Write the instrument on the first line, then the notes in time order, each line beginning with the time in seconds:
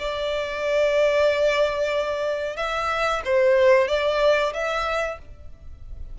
violin
0.00 D5
2.57 E5
3.25 C5
3.88 D5
4.54 E5